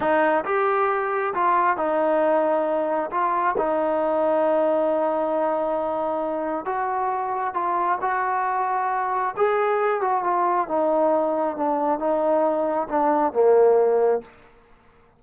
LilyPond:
\new Staff \with { instrumentName = "trombone" } { \time 4/4 \tempo 4 = 135 dis'4 g'2 f'4 | dis'2. f'4 | dis'1~ | dis'2. fis'4~ |
fis'4 f'4 fis'2~ | fis'4 gis'4. fis'8 f'4 | dis'2 d'4 dis'4~ | dis'4 d'4 ais2 | }